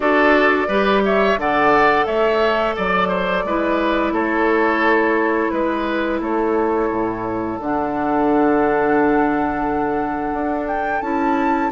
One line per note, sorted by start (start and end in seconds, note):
0.00 0.68 D4
0.00 0.67 F#4
0.00 0.68 A4
0.00 1.01 D5
0.68 1.37 G3
0.68 1.38 G4
0.68 1.02 B4
1.04 1.39 C#5
1.04 1.39 E5
1.37 2.06 D3
1.37 3.47 A4
1.37 2.06 D5
1.37 2.06 F#5
2.06 2.75 A3
2.06 2.75 C#5
2.06 2.75 E5
2.76 3.44 F#3
2.76 3.08 D5
2.76 4.14 D5
3.08 3.43 C5
3.44 4.12 G#3
3.44 7.60 E4
3.44 4.13 B4
4.12 5.50 A3
4.12 5.51 A4
4.12 5.50 C#5
5.50 6.20 G#3
5.50 6.19 B4
5.50 6.20 B4
6.20 6.89 A3
6.20 11.71 A4
6.20 7.58 C#5
6.90 7.59 A2
7.58 10.32 D3
7.58 11.02 D4
7.58 10.67 F#5
10.32 11.01 D4
10.67 11.01 G5
11.01 11.70 C#4
11.01 11.71 E4
11.01 11.70 A5